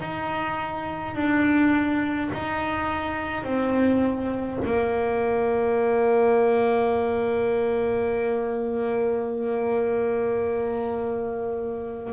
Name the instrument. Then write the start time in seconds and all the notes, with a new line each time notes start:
double bass
0.00 D#4
1.14 D4
2.33 D#4
3.44 C4
4.65 A#3